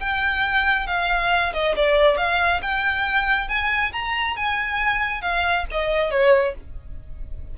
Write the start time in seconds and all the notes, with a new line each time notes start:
0.00 G5
0.87 F5
1.54 D#5
1.76 D5
2.18 F5
2.63 G5
3.49 G#5
3.93 A#5
4.37 G#5
5.22 F5
5.72 D#5
6.11 C#5